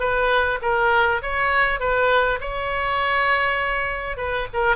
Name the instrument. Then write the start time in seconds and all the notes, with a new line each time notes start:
oboe
0.00 B4
0.62 A#4
1.22 C#5
1.80 B4
2.41 C#5
4.17 B4
4.53 A#4